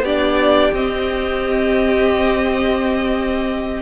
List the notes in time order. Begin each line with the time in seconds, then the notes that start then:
0.00 B3 D4 G4 D5
0.73 C4 D#5